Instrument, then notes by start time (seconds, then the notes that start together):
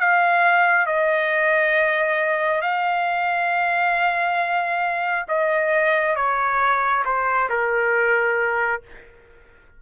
trumpet
0.00 F5
0.86 D#5
2.61 F5
5.29 D#5
6.16 C#5
7.05 C5
7.50 A#4